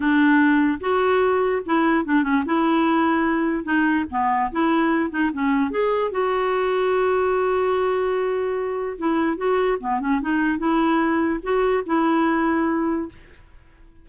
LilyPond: \new Staff \with { instrumentName = "clarinet" } { \time 4/4 \tempo 4 = 147 d'2 fis'2 | e'4 d'8 cis'8 e'2~ | e'4 dis'4 b4 e'4~ | e'8 dis'8 cis'4 gis'4 fis'4~ |
fis'1~ | fis'2 e'4 fis'4 | b8 cis'8 dis'4 e'2 | fis'4 e'2. | }